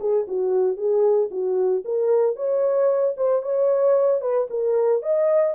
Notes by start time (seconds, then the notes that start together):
0.00 G#4
0.27 F#4
0.77 G#4
1.31 F#4
1.84 A#4
2.36 C#5
3.17 C5
3.42 C#5
4.21 B4
4.50 A#4
5.02 D#5